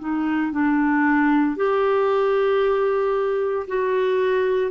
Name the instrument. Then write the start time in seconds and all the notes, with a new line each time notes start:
clarinet
0.00 D#4
0.52 D4
1.56 G4
3.68 F#4